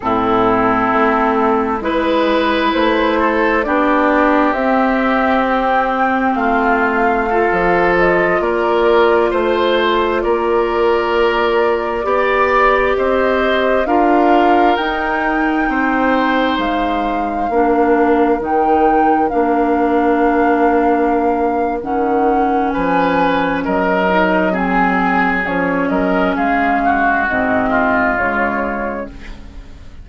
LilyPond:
<<
  \new Staff \with { instrumentName = "flute" } { \time 4/4 \tempo 4 = 66 a'2 b'4 c''4 | d''4 e''4 g''4 f''4~ | f''8. dis''8 d''4 c''4 d''8.~ | d''2~ d''16 dis''4 f''8.~ |
f''16 g''2 f''4.~ f''16~ | f''16 g''4 f''2~ f''8. | fis''4 gis''4 dis''4 gis''4 | cis''8 dis''8 f''4 dis''4 cis''4 | }
  \new Staff \with { instrumentName = "oboe" } { \time 4/4 e'2 b'4. a'8 | g'2. f'4 | a'4~ a'16 ais'4 c''4 ais'8.~ | ais'4~ ais'16 d''4 c''4 ais'8.~ |
ais'4~ ais'16 c''2 ais'8.~ | ais'1~ | ais'4 b'4 ais'4 gis'4~ | gis'8 ais'8 gis'8 fis'4 f'4. | }
  \new Staff \with { instrumentName = "clarinet" } { \time 4/4 c'2 e'2 | d'4 c'2. | f'1~ | f'4~ f'16 g'2 f'8.~ |
f'16 dis'2. d'8.~ | d'16 dis'4 d'2~ d'8. | cis'2~ cis'8 dis'8 c'4 | cis'2 c'4 gis4 | }
  \new Staff \with { instrumentName = "bassoon" } { \time 4/4 a,4 a4 gis4 a4 | b4 c'2 a4~ | a16 f4 ais4 a4 ais8.~ | ais4~ ais16 b4 c'4 d'8.~ |
d'16 dis'4 c'4 gis4 ais8.~ | ais16 dis4 ais2~ ais8. | dis4 f4 fis2 | f8 fis8 gis4 gis,4 cis4 | }
>>